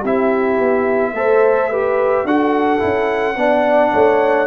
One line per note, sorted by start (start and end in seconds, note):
0.00 0.59 C4
0.00 1.16 E4
0.00 1.11 G4
0.00 2.26 E5
0.59 1.13 B3
1.13 2.24 A3
1.13 1.71 A4
1.13 1.70 C5
1.70 2.27 G4
1.70 2.25 B4
2.24 2.80 D4
2.24 2.78 F#4
2.24 3.37 A4
2.24 4.47 F#5
2.78 3.36 C#4
2.78 3.34 E4
3.36 3.92 B3
3.36 4.47 D4
3.36 3.93 D5
3.93 4.47 A3
3.93 4.47 C#5